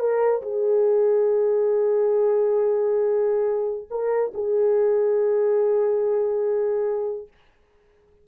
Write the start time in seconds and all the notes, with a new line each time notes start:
0.00 A#4
0.42 G#4
3.91 A#4
4.34 G#4